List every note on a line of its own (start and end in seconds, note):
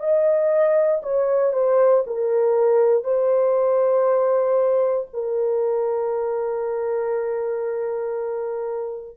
0.00 1.02 D#5
1.03 1.53 C#5
1.53 2.04 C5
2.07 3.04 A#4
3.04 5.07 C5
5.13 9.17 A#4